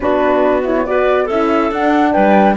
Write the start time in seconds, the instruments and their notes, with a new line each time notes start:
0.00 cello B3, horn D4, clarinet F#4, flute B4
0.64 horn E4, flute C#5
0.85 horn F#4, clarinet B4, flute D5
1.25 cello C#4, horn E4, clarinet A4, flute E5
1.71 cello D4, horn D4, flute F#5
2.12 cello G3, clarinet B4, flute G5